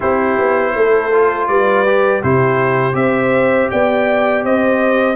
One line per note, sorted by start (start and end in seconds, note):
0.00 0.38 C4
0.00 1.10 E4
0.00 0.73 G4
0.00 1.47 C5
0.38 0.75 B3
0.75 1.48 A3
0.75 1.48 A4
1.12 1.86 F4
1.47 2.22 G3
1.47 2.21 B4
1.47 2.21 D5
1.86 2.23 G4
2.21 2.94 C3
2.21 2.92 E4
2.21 2.95 G4
2.21 2.95 C5
2.92 3.68 C4
2.92 5.15 G4
2.92 3.69 E5
2.99 3.71 C5
3.70 4.44 B3
3.70 4.44 D5
3.70 4.44 G5
4.44 5.16 C4
4.44 5.16 C5
4.44 5.16 D#5